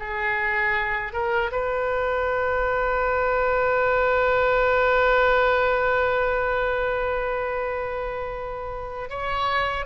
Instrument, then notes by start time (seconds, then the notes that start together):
oboe
0.00 G#4
1.13 A#4
1.52 B4
9.10 C#5